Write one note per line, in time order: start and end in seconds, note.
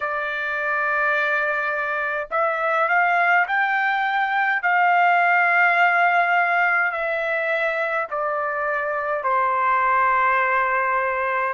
0.00 2.28 D5
2.31 2.88 E5
2.88 3.46 F5
3.47 4.62 G5
4.62 6.91 F5
6.91 8.07 E5
8.10 9.23 D5
9.23 11.53 C5